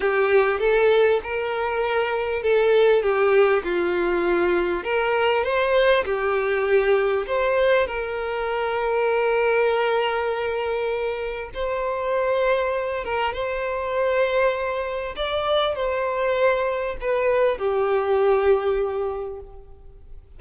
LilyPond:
\new Staff \with { instrumentName = "violin" } { \time 4/4 \tempo 4 = 99 g'4 a'4 ais'2 | a'4 g'4 f'2 | ais'4 c''4 g'2 | c''4 ais'2.~ |
ais'2. c''4~ | c''4. ais'8 c''2~ | c''4 d''4 c''2 | b'4 g'2. | }